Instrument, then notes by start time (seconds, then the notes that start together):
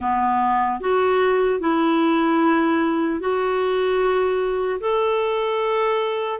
clarinet
0.00 B3
0.80 F#4
1.60 E4
3.20 F#4
4.80 A4